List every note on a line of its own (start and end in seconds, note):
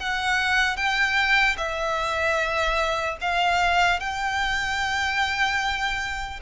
0.00 0.77 F#5
0.77 1.57 G5
1.57 3.17 E5
3.21 4.00 F5
4.00 6.40 G5